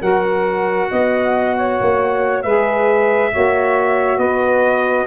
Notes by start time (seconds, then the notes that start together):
0.00 F#3 F#4 A#4 F#5
0.90 B3 D#5
1.56 C#5
1.81 A#3
2.42 G#3 G#4 B4 E5
3.31 A#3 F#4 C#5
4.17 B3 B4 D#5